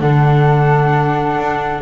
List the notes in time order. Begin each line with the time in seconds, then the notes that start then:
0.00 D3 D4 A4 F#5
1.38 D4